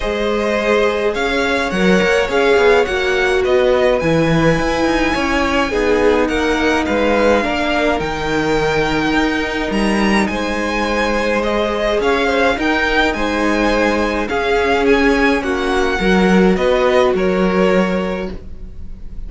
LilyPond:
<<
  \new Staff \with { instrumentName = "violin" } { \time 4/4 \tempo 4 = 105 dis''2 f''4 fis''4 | f''4 fis''4 dis''4 gis''4~ | gis''2. fis''4 | f''2 g''2~ |
g''4 ais''4 gis''2 | dis''4 f''4 g''4 gis''4~ | gis''4 f''4 gis''4 fis''4~ | fis''4 dis''4 cis''2 | }
  \new Staff \with { instrumentName = "violin" } { \time 4/4 c''2 cis''2~ | cis''2 b'2~ | b'4 cis''4 gis'4 ais'4 | b'4 ais'2.~ |
ais'2 c''2~ | c''4 cis''8 c''8 ais'4 c''4~ | c''4 gis'2 fis'4 | ais'4 b'4 ais'2 | }
  \new Staff \with { instrumentName = "viola" } { \time 4/4 gis'2. ais'4 | gis'4 fis'2 e'4~ | e'2 dis'2~ | dis'4 d'4 dis'2~ |
dis'1 | gis'2 dis'2~ | dis'4 cis'2. | fis'1 | }
  \new Staff \with { instrumentName = "cello" } { \time 4/4 gis2 cis'4 fis8 ais8 | cis'8 b8 ais4 b4 e4 | e'8 dis'8 cis'4 b4 ais4 | gis4 ais4 dis2 |
dis'4 g4 gis2~ | gis4 cis'4 dis'4 gis4~ | gis4 cis'2 ais4 | fis4 b4 fis2 | }
>>